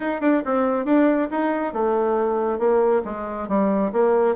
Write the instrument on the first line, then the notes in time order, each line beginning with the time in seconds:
bassoon
0.00 D#4
0.20 D4
0.45 C4
0.85 D4
1.30 D#4
1.73 A3
2.58 A#3
3.05 G#3
3.48 G3
3.92 A#3